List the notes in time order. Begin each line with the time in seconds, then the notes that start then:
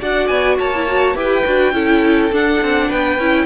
0.00 D4 F#4 D5 F#5
0.28 B3 G#5
0.59 A#3 C#5 A5
0.75 E4
0.87 F#4
1.15 E4 G4 B4 G5
1.45 D4 F#4
1.73 C#4 E4 A4
2.32 D4 F#5
2.62 C4
2.88 B3 B4 G5
3.18 C#4 E4